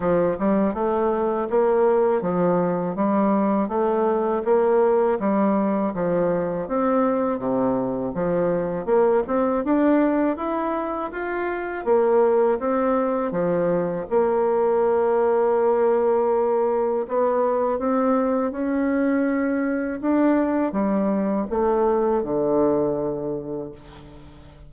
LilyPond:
\new Staff \with { instrumentName = "bassoon" } { \time 4/4 \tempo 4 = 81 f8 g8 a4 ais4 f4 | g4 a4 ais4 g4 | f4 c'4 c4 f4 | ais8 c'8 d'4 e'4 f'4 |
ais4 c'4 f4 ais4~ | ais2. b4 | c'4 cis'2 d'4 | g4 a4 d2 | }